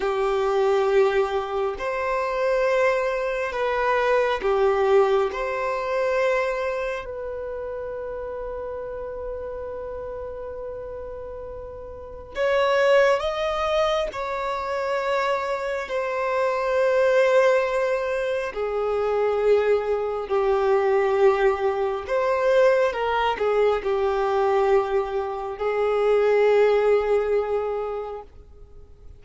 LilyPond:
\new Staff \with { instrumentName = "violin" } { \time 4/4 \tempo 4 = 68 g'2 c''2 | b'4 g'4 c''2 | b'1~ | b'2 cis''4 dis''4 |
cis''2 c''2~ | c''4 gis'2 g'4~ | g'4 c''4 ais'8 gis'8 g'4~ | g'4 gis'2. | }